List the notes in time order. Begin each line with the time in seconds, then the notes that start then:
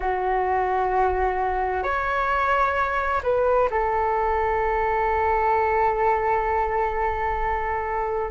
0.00 F#4
1.83 C#5
3.23 B4
3.70 A4